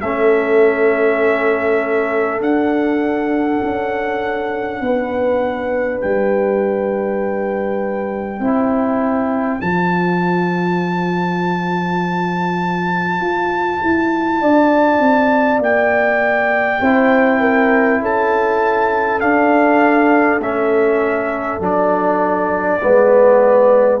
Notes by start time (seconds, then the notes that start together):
0.00 A3 C#4 A4 E5
2.40 D4 F#5
3.62 C#4
4.80 B3 B4
6.01 G3 G5
8.39 C4 E4 C5
9.59 F3 F4 A5
13.20 F4
13.82 E4
14.41 D4 D5
14.99 C4
15.59 A#3 G5
16.80 C4 E4 C5
17.40 A#4
18.00 C#4 A4 A5
19.20 D4 F5
20.39 A3 C#4 E5
21.59 F#3 D4 D5
22.81 G#3 B3 B4